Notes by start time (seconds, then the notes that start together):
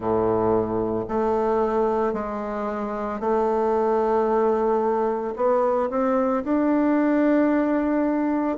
0.00 A2
1.08 A3
2.13 G#3
3.19 A3
5.36 B3
5.90 C4
6.43 D4